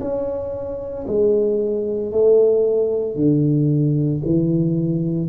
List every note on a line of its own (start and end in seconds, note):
0.00 1.05 C#4
1.07 2.11 G#3
2.11 3.15 A3
3.15 4.20 D3
4.24 5.28 E3